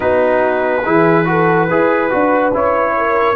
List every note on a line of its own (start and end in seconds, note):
0.00 0.86 B3
0.00 0.82 D#4
0.00 0.83 F#4
0.00 2.53 B4
0.85 1.70 E3
0.85 1.25 E4
0.85 1.28 G#4
1.25 1.67 F#4
1.25 1.68 A4
1.68 2.12 E4
1.68 2.10 G#4
1.68 2.95 B4
2.10 2.54 D4
2.10 2.52 F#4
2.54 3.35 C#4
2.54 3.35 E4
2.54 3.35 C#5
2.97 3.35 A#4